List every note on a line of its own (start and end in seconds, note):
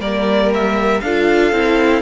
0.00 1.02 G3
0.00 1.03 A#3
0.00 1.02 A#4
0.00 0.52 D5
0.54 1.01 E5
1.01 1.52 D4
1.01 1.54 F4
1.01 2.02 A4
1.01 2.02 F5
1.52 2.02 C4
1.52 2.02 E4